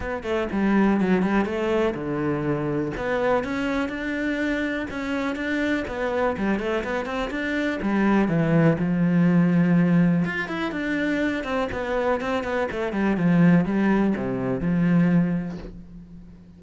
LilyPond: \new Staff \with { instrumentName = "cello" } { \time 4/4 \tempo 4 = 123 b8 a8 g4 fis8 g8 a4 | d2 b4 cis'4 | d'2 cis'4 d'4 | b4 g8 a8 b8 c'8 d'4 |
g4 e4 f2~ | f4 f'8 e'8 d'4. c'8 | b4 c'8 b8 a8 g8 f4 | g4 c4 f2 | }